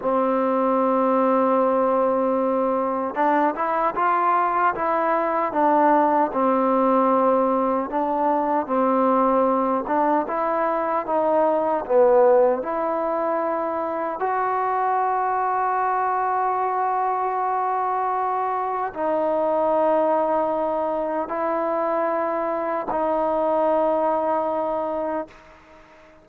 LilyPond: \new Staff \with { instrumentName = "trombone" } { \time 4/4 \tempo 4 = 76 c'1 | d'8 e'8 f'4 e'4 d'4 | c'2 d'4 c'4~ | c'8 d'8 e'4 dis'4 b4 |
e'2 fis'2~ | fis'1 | dis'2. e'4~ | e'4 dis'2. | }